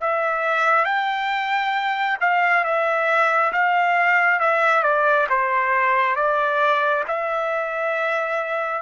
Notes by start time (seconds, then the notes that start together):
0.00 E5
0.85 G5
2.20 F5
2.64 E5
3.52 F5
4.39 E5
4.82 D5
5.29 C5
6.15 D5
7.07 E5